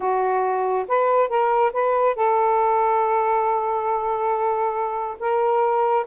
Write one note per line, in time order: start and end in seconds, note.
0.00 0.86 F#4
0.88 1.29 B4
1.29 1.72 A#4
1.72 2.15 B4
2.15 5.17 A4
5.19 6.05 A#4